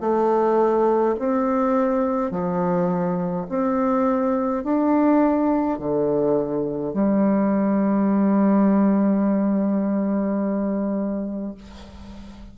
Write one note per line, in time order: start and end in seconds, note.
0.00 1.15 A3
1.19 2.31 C4
2.31 3.46 F3
3.49 4.63 C4
4.63 5.78 D4
5.78 6.93 D3
6.93 11.54 G3